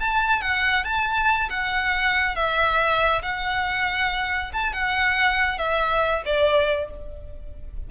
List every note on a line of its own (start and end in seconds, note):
0.00 0.42 A5
0.42 0.85 F#5
0.85 1.49 A5
1.50 2.36 F#5
2.36 3.22 E5
3.23 4.52 F#5
4.54 4.73 A5
4.73 5.59 F#5
5.59 6.23 E5
6.26 6.90 D5